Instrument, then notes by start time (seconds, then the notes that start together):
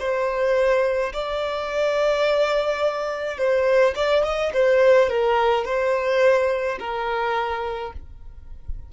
violin
0.00 C5
1.13 D5
3.38 C5
3.96 D5
4.25 D#5
4.54 C5
5.09 A#4
5.66 C5
6.80 A#4